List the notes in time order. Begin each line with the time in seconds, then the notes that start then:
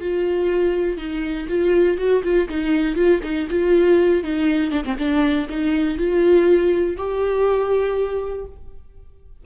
0.00 F4
0.97 D#4
1.49 F4
1.98 F#4
2.23 F4
2.49 D#4
2.95 F4
3.23 D#4
3.50 F4
4.23 D#4
4.71 D4
4.84 C4
4.98 D4
5.49 D#4
5.98 F4
6.96 G4